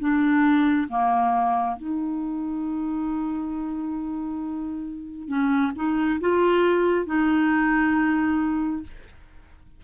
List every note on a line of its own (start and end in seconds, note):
0.00 0.88 D4
0.89 1.77 A#3
1.77 5.28 D#4
5.28 5.72 C#4
5.76 6.20 D#4
6.21 7.07 F4
7.07 8.83 D#4